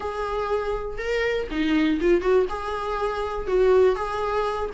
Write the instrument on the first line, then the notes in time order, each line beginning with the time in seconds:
viola
0.00 G#4
0.98 A#4
1.50 D#4
2.00 F4
2.21 F#4
2.49 G#4
3.47 F#4
3.95 G#4